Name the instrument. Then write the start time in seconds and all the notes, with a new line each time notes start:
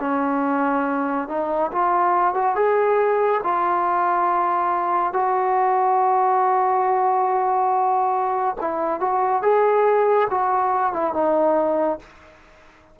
trombone
0.00 C#4
1.29 D#4
1.72 F4
2.34 F#4
2.56 G#4
3.43 F4
5.13 F#4
8.61 E4
9.00 F#4
9.42 G#4
10.31 F#4
10.93 E4
11.14 D#4